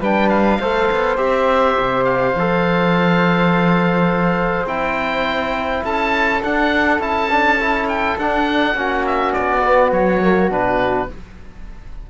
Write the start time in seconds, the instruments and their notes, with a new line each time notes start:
0.00 cello G3, trombone D4, flute B4, oboe G5
0.29 oboe F5
0.60 cello A3, trombone A4, flute C5
0.91 cello B3
1.16 cello C4, trombone G4, oboe E5
1.79 cello C3
2.04 oboe F5
2.34 cello F3, trombone A4
4.65 cello C4, trombone E4, oboe G5
5.84 cello C#4, flute A4, oboe A5
6.42 trombone D4, cello D4, oboe F#5
6.99 cello C#4, trombone E4, oboe A5
7.30 trombone D4
7.60 trombone E4
7.88 oboe G5
8.17 cello D4, trombone D4, oboe F#5
8.74 cello A#3, trombone C#4, flute F#4
9.06 oboe E5
9.32 cello B3, oboe D5
9.63 trombone B3
9.91 cello F#3, oboe C#5
10.21 trombone A#3
10.50 cello B2, trombone D4, oboe B4